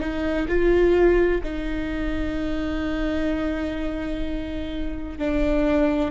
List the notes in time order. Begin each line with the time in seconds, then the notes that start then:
0.00 D#4
0.48 F4
1.43 D#4
5.19 D4